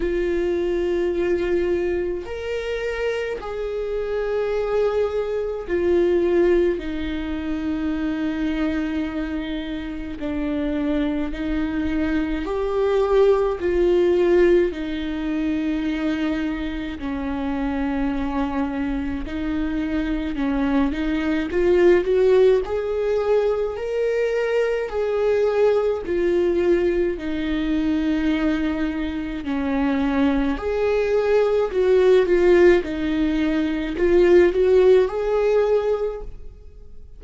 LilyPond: \new Staff \with { instrumentName = "viola" } { \time 4/4 \tempo 4 = 53 f'2 ais'4 gis'4~ | gis'4 f'4 dis'2~ | dis'4 d'4 dis'4 g'4 | f'4 dis'2 cis'4~ |
cis'4 dis'4 cis'8 dis'8 f'8 fis'8 | gis'4 ais'4 gis'4 f'4 | dis'2 cis'4 gis'4 | fis'8 f'8 dis'4 f'8 fis'8 gis'4 | }